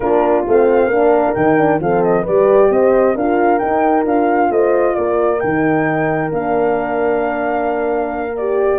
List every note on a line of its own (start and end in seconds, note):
0.00 0.44 A#3
0.00 0.47 D4
0.00 0.91 F4
0.00 0.44 A#4
0.47 0.86 A3
0.47 0.91 C4
0.47 1.34 F5
0.86 1.31 A#3
0.86 1.35 D4
0.86 1.82 A#4
1.34 1.80 D#3
1.34 1.57 D#4
1.34 1.79 G5
1.57 1.79 D4
1.80 2.25 F3
1.80 2.26 C4
1.80 2.22 A4
1.80 2.03 F5
2.03 2.25 D#5
2.22 2.70 G3
2.22 3.17 G4
2.22 2.67 B4
2.22 2.71 D5
2.70 3.15 C4
2.70 3.15 C5
2.70 3.16 D#5
3.15 3.60 D4
3.15 3.60 F4
3.15 4.50 A#4
3.15 3.58 F5
3.58 4.03 D#4
3.58 4.05 D#4
3.58 4.03 G5
4.03 4.50 D4
4.03 5.38 F4
4.03 4.51 F5
4.50 4.95 A3
4.50 4.96 C5
4.50 4.95 D#5
4.95 5.42 A#3
4.95 8.78 A#4
4.95 5.40 D5
5.40 6.31 D#3
5.40 6.30 D#4
5.40 6.30 G5
6.30 8.78 A#3
6.30 8.33 D4
6.30 8.36 F5
8.36 8.78 G4
8.36 8.78 D5